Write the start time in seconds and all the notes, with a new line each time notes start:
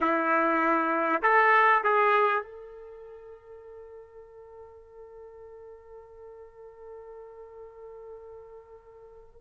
0.00 E4
1.22 A4
1.83 G#4
2.42 A4